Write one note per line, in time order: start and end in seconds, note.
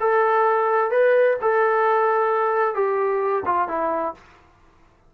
0.00 0.91 A4
0.91 1.37 B4
1.41 2.75 A4
2.75 3.43 G4
3.45 3.68 F4
3.68 4.14 E4